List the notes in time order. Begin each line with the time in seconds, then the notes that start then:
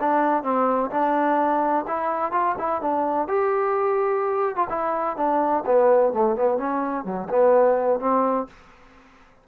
0.00 D4
0.43 C4
0.90 D4
1.87 E4
2.32 F4
2.59 E4
2.81 D4
3.28 G4
4.56 F4
4.69 E4
5.16 D4
5.66 B3
6.13 A3
6.36 B3
6.58 C#4
7.04 F#3
7.29 B3
8.00 C4